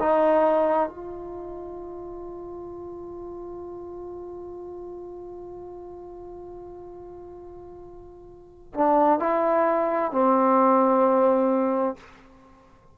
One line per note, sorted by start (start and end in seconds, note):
0.00 0.89 D#4
0.89 8.74 F4
8.74 9.20 D4
9.20 10.12 E4
10.12 11.97 C4